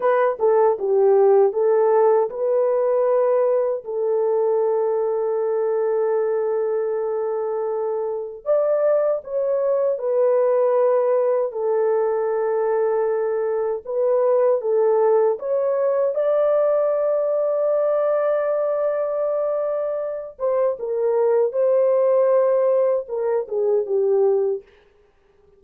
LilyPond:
\new Staff \with { instrumentName = "horn" } { \time 4/4 \tempo 4 = 78 b'8 a'8 g'4 a'4 b'4~ | b'4 a'2.~ | a'2. d''4 | cis''4 b'2 a'4~ |
a'2 b'4 a'4 | cis''4 d''2.~ | d''2~ d''8 c''8 ais'4 | c''2 ais'8 gis'8 g'4 | }